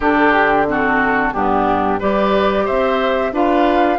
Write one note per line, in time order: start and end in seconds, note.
0.00 1.31 D3
0.00 0.67 D4
0.00 0.66 G4
0.00 0.32 A4
0.32 0.66 G4
0.67 1.33 C4
0.67 1.33 F#4
0.67 1.33 A4
1.33 2.00 G2
1.33 2.00 B3
1.33 1.99 D4
1.33 1.99 G4
1.99 2.68 G3
1.99 3.33 G4
1.99 2.64 B4
1.99 2.66 D5
2.64 3.32 C4
2.64 3.31 C5
2.64 3.33 E5
3.32 3.98 D4
3.32 3.98 F4
3.32 3.98 B4
3.32 3.98 F5